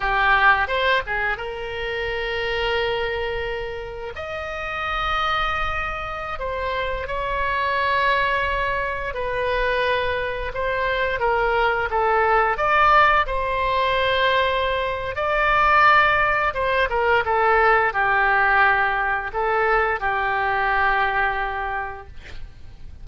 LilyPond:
\new Staff \with { instrumentName = "oboe" } { \time 4/4 \tempo 4 = 87 g'4 c''8 gis'8 ais'2~ | ais'2 dis''2~ | dis''4~ dis''16 c''4 cis''4.~ cis''16~ | cis''4~ cis''16 b'2 c''8.~ |
c''16 ais'4 a'4 d''4 c''8.~ | c''2 d''2 | c''8 ais'8 a'4 g'2 | a'4 g'2. | }